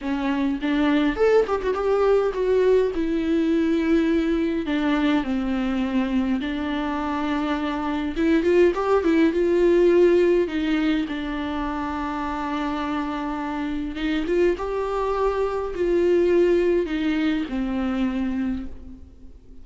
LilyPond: \new Staff \with { instrumentName = "viola" } { \time 4/4 \tempo 4 = 103 cis'4 d'4 a'8 g'16 fis'16 g'4 | fis'4 e'2. | d'4 c'2 d'4~ | d'2 e'8 f'8 g'8 e'8 |
f'2 dis'4 d'4~ | d'1 | dis'8 f'8 g'2 f'4~ | f'4 dis'4 c'2 | }